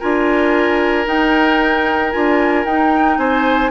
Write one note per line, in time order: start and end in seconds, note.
0.00 1.07 D4
0.00 1.06 F4
0.00 3.19 A#4
0.00 1.07 G#5
1.06 2.12 D#4
1.06 2.13 D#4
1.06 2.12 G5
2.12 2.65 D4
2.12 2.65 F4
2.12 2.65 G#5
2.65 3.18 D#4
2.65 3.72 D#4
2.65 3.18 G5
3.18 3.71 C4
3.18 3.72 C5
3.18 3.71 G#5